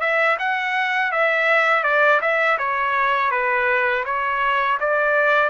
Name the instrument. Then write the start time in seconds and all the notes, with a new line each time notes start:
trumpet
0.00 E5
0.39 F#5
1.11 E5
1.83 D5
2.21 E5
2.58 C#5
3.31 B4
4.05 C#5
4.80 D5